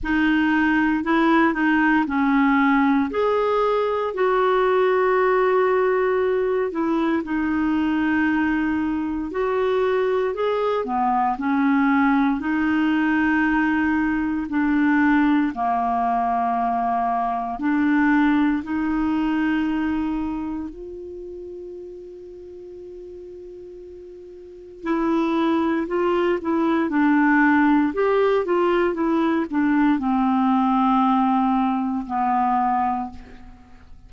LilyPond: \new Staff \with { instrumentName = "clarinet" } { \time 4/4 \tempo 4 = 58 dis'4 e'8 dis'8 cis'4 gis'4 | fis'2~ fis'8 e'8 dis'4~ | dis'4 fis'4 gis'8 b8 cis'4 | dis'2 d'4 ais4~ |
ais4 d'4 dis'2 | f'1 | e'4 f'8 e'8 d'4 g'8 f'8 | e'8 d'8 c'2 b4 | }